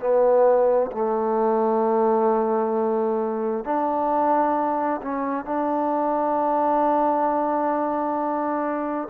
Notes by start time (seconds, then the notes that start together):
0.00 B3
0.92 A3
3.64 D4
5.02 C#4
5.45 D4